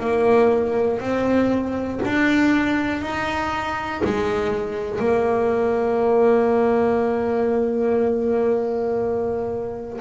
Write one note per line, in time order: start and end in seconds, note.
0.00 1.00 A#3
1.00 2.00 C4
2.05 3.01 D4
3.01 4.01 D#4
4.04 5.00 G#3
5.00 10.00 A#3